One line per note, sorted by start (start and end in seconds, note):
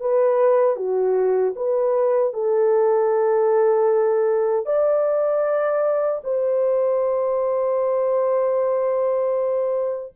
0.00 0.76 B4
0.76 1.54 F#4
1.55 2.33 B4
2.33 4.65 A4
4.65 6.21 D5
6.23 10.13 C5